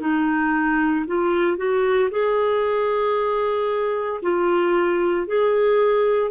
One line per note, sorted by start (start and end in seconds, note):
0.00 1.05 D#4
1.06 1.57 F4
1.57 2.10 F#4
2.11 4.21 G#4
4.22 5.27 F4
5.27 6.31 G#4